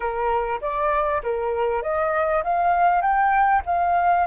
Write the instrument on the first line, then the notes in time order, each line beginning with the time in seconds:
flute
0.00 A#4
0.61 D5
1.23 A#4
1.82 D#5
2.43 F5
3.01 G5
3.66 F5